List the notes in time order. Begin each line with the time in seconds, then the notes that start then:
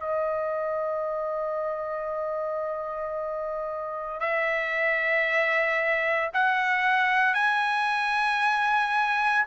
0.00 D#5
4.20 E5
6.33 F#5
7.34 G#5